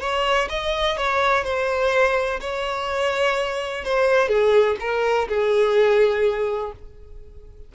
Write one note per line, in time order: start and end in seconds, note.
0.00 0.48 C#5
0.49 0.97 D#5
0.97 1.44 C#5
1.44 2.40 C5
2.40 3.84 C#5
3.84 4.28 C5
4.28 4.76 G#4
4.80 5.28 A#4
5.28 6.72 G#4